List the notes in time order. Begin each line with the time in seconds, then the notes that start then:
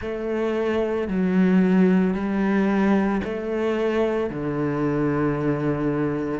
0.00 A3
1.08 F#3
2.14 G3
3.24 A3
4.30 D3